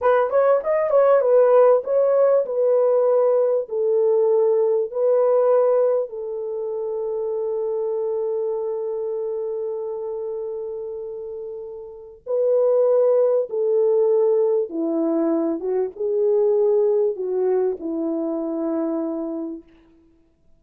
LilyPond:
\new Staff \with { instrumentName = "horn" } { \time 4/4 \tempo 4 = 98 b'8 cis''8 dis''8 cis''8 b'4 cis''4 | b'2 a'2 | b'2 a'2~ | a'1~ |
a'1 | b'2 a'2 | e'4. fis'8 gis'2 | fis'4 e'2. | }